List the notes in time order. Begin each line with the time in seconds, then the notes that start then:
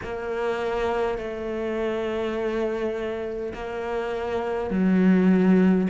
0.03 A#3
1.18 A3
3.53 A#3
4.70 F#3